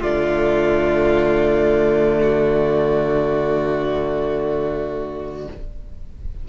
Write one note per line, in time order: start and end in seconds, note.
0.00 5.48 D3
0.00 5.46 A3
0.00 2.18 F4
0.00 5.48 D5
2.21 5.49 F#4